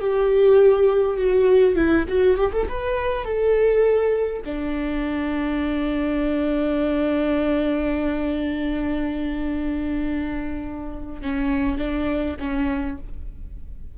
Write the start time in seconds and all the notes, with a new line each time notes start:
0.00 G4
1.17 F#4
1.75 E4
2.08 F#4
2.37 G4
2.52 A4
2.68 B4
3.24 A4
4.45 D4
11.22 C#4
11.77 D4
12.39 C#4